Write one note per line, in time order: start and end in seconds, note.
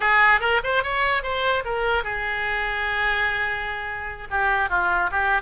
0.00 0.40 G#4
0.40 0.60 A#4
0.63 0.83 C5
0.83 1.22 C#5
1.22 1.63 C5
1.64 2.03 A#4
2.03 4.28 G#4
4.30 4.69 G4
4.69 5.10 F4
5.11 5.41 G4